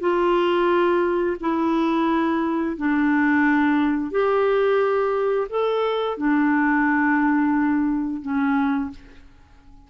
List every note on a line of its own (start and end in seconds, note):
0.00 1.36 F4
1.40 2.76 E4
2.77 4.11 D4
4.11 5.47 G4
5.49 6.17 A4
6.17 8.22 D4
8.22 8.90 C#4